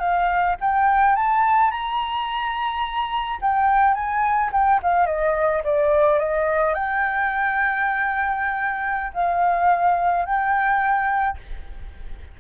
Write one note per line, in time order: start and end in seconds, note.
0.00 0.56 F5
0.61 1.16 G5
1.16 1.71 A5
1.71 3.39 A#5
3.42 3.95 G5
3.95 4.51 G#5
4.52 4.80 G5
4.83 5.06 F5
5.06 5.63 D#5
5.64 6.19 D5
6.19 6.74 D#5
6.74 9.13 G5
9.14 10.26 F5
10.26 11.38 G5